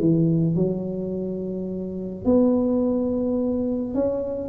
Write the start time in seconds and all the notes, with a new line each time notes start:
0.00 E3
0.55 F#3
2.25 B3
3.94 C#4